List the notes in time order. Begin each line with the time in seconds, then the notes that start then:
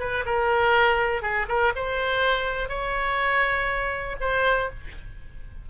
0.00 B4
0.26 A#4
1.22 G#4
1.49 A#4
1.76 C5
2.69 C#5
4.21 C5